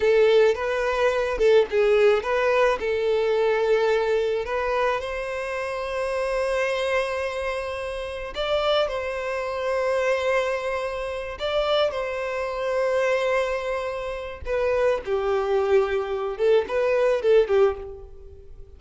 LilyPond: \new Staff \with { instrumentName = "violin" } { \time 4/4 \tempo 4 = 108 a'4 b'4. a'8 gis'4 | b'4 a'2. | b'4 c''2.~ | c''2. d''4 |
c''1~ | c''8 d''4 c''2~ c''8~ | c''2 b'4 g'4~ | g'4. a'8 b'4 a'8 g'8 | }